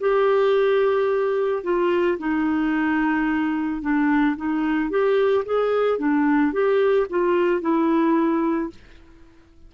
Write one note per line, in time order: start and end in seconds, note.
0.00 1.63 G4
1.63 2.18 F4
2.19 3.81 D#4
3.81 4.36 D4
4.36 4.90 D#4
4.90 5.44 G4
5.45 5.99 G#4
5.99 6.52 D4
6.52 7.07 G4
7.10 7.61 F4
7.61 8.70 E4